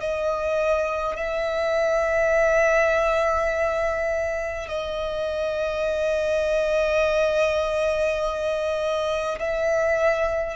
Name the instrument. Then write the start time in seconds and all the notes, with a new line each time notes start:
violin
0.00 D#5
1.16 E5
4.68 D#5
9.39 E5